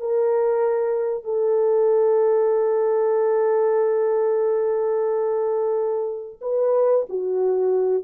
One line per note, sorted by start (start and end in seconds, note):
0.00 1.24 A#4
1.24 6.40 A4
6.42 7.06 B4
7.09 8.04 F#4